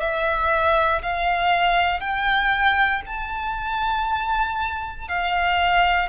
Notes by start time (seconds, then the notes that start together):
0.00 E5
1.02 F5
2.00 G5
3.06 A5
5.08 F5